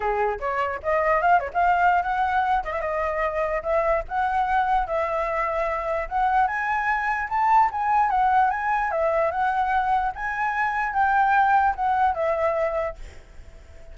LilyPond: \new Staff \with { instrumentName = "flute" } { \time 4/4 \tempo 4 = 148 gis'4 cis''4 dis''4 f''8 cis''16 f''16~ | f''4 fis''4. dis''16 e''16 dis''4~ | dis''4 e''4 fis''2 | e''2. fis''4 |
gis''2 a''4 gis''4 | fis''4 gis''4 e''4 fis''4~ | fis''4 gis''2 g''4~ | g''4 fis''4 e''2 | }